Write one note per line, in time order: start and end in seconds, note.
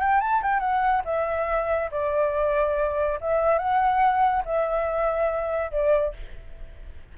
0.00 0.20 G5
0.20 0.41 A5
0.42 0.59 G5
0.59 1.02 F#5
1.04 1.90 E5
1.91 3.19 D5
3.20 3.58 E5
3.58 4.43 F#5
4.45 5.71 E5
5.71 6.14 D5